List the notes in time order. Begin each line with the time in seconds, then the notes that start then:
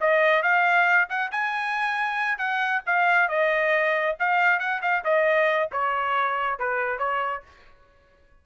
0.00 D#5
0.42 F5
1.09 F#5
1.31 G#5
2.38 F#5
2.86 F5
3.28 D#5
4.19 F5
4.59 F#5
4.82 F5
5.04 D#5
5.72 C#5
6.59 B4
6.99 C#5